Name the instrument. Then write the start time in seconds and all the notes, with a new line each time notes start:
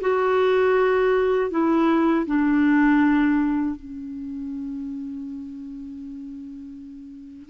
clarinet
0.00 F#4
1.50 E4
2.26 D4
3.75 C#4